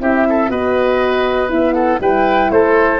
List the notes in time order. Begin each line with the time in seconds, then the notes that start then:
0.00 C4 E4 G4 E5
0.29 A4
0.48 B3 F#4 B4 D#5
1.49 B3 E4 E5
1.73 A4 F#5
1.99 G3 E4 B4 G5
2.50 A3 A4 C5